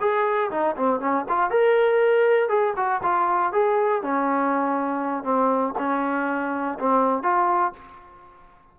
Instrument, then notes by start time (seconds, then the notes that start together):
trombone
0.00 G#4
0.50 D#4
0.76 C4
1.00 C#4
1.29 F4
1.50 A#4
2.48 G#4
2.76 F#4
3.02 F4
3.52 G#4
4.02 C#4
5.23 C4
5.78 C#4
6.79 C4
7.22 F4